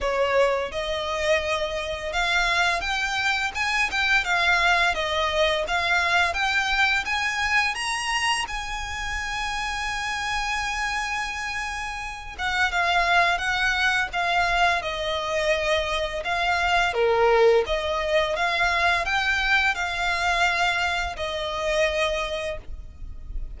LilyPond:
\new Staff \with { instrumentName = "violin" } { \time 4/4 \tempo 4 = 85 cis''4 dis''2 f''4 | g''4 gis''8 g''8 f''4 dis''4 | f''4 g''4 gis''4 ais''4 | gis''1~ |
gis''4. fis''8 f''4 fis''4 | f''4 dis''2 f''4 | ais'4 dis''4 f''4 g''4 | f''2 dis''2 | }